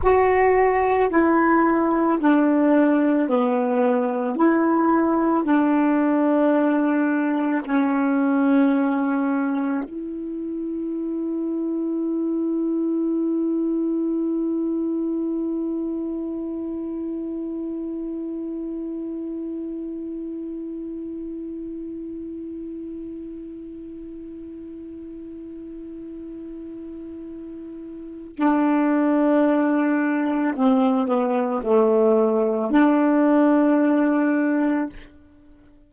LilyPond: \new Staff \with { instrumentName = "saxophone" } { \time 4/4 \tempo 4 = 55 fis'4 e'4 d'4 b4 | e'4 d'2 cis'4~ | cis'4 e'2.~ | e'1~ |
e'1~ | e'1~ | e'2 d'2 | c'8 b8 a4 d'2 | }